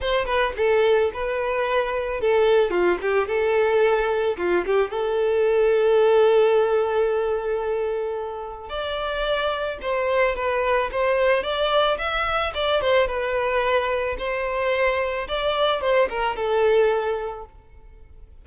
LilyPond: \new Staff \with { instrumentName = "violin" } { \time 4/4 \tempo 4 = 110 c''8 b'8 a'4 b'2 | a'4 f'8 g'8 a'2 | f'8 g'8 a'2.~ | a'1 |
d''2 c''4 b'4 | c''4 d''4 e''4 d''8 c''8 | b'2 c''2 | d''4 c''8 ais'8 a'2 | }